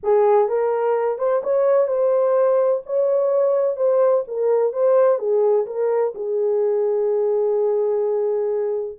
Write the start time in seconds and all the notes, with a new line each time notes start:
0.03 G#4
0.48 A#4
1.18 C5
1.43 C#5
1.87 C5
2.86 C#5
3.76 C5
4.27 A#4
4.72 C5
5.18 G#4
5.66 A#4
6.15 G#4